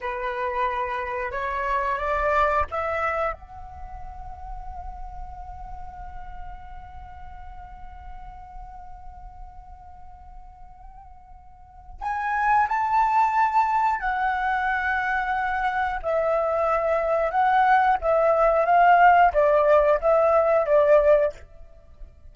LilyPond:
\new Staff \with { instrumentName = "flute" } { \time 4/4 \tempo 4 = 90 b'2 cis''4 d''4 | e''4 fis''2.~ | fis''1~ | fis''1~ |
fis''2 gis''4 a''4~ | a''4 fis''2. | e''2 fis''4 e''4 | f''4 d''4 e''4 d''4 | }